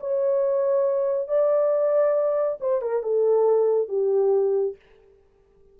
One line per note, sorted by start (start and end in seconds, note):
0.00 1.28 C#5
1.28 2.58 D5
2.60 2.82 C5
2.82 3.03 A#4
3.03 3.89 A4
3.89 4.76 G4